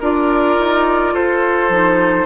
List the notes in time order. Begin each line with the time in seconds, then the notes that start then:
0.00 D4 F4 A#4 D5
0.58 D#4
1.13 F4 A4 C5
1.69 F3 D#4